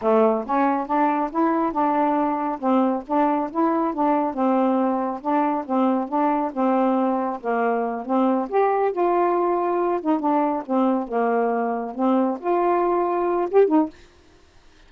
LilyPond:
\new Staff \with { instrumentName = "saxophone" } { \time 4/4 \tempo 4 = 138 a4 cis'4 d'4 e'4 | d'2 c'4 d'4 | e'4 d'4 c'2 | d'4 c'4 d'4 c'4~ |
c'4 ais4. c'4 g'8~ | g'8 f'2~ f'8 dis'8 d'8~ | d'8 c'4 ais2 c'8~ | c'8 f'2~ f'8 g'8 dis'8 | }